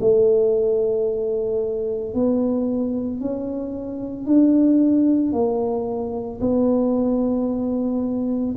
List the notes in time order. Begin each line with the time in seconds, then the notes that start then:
0.00 A3
2.14 B3
3.20 C#4
4.26 D4
5.32 A#3
6.40 B3